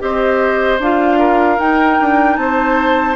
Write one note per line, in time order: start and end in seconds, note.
0.00 0.79 C4
0.00 0.79 G4
0.00 1.19 C5
0.00 0.80 D#5
0.79 1.58 D4
0.79 1.58 F4
0.79 1.60 F5
1.19 2.37 A#4
1.58 3.16 D#4
1.58 2.00 D#4
1.58 2.37 G5
2.01 2.38 D4
2.37 3.17 C4
2.37 3.17 C5
2.37 3.16 A5